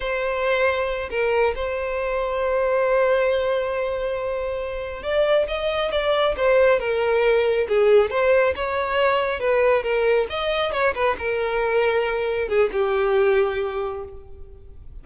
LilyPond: \new Staff \with { instrumentName = "violin" } { \time 4/4 \tempo 4 = 137 c''2~ c''8 ais'4 c''8~ | c''1~ | c''2.~ c''8 d''8~ | d''8 dis''4 d''4 c''4 ais'8~ |
ais'4. gis'4 c''4 cis''8~ | cis''4. b'4 ais'4 dis''8~ | dis''8 cis''8 b'8 ais'2~ ais'8~ | ais'8 gis'8 g'2. | }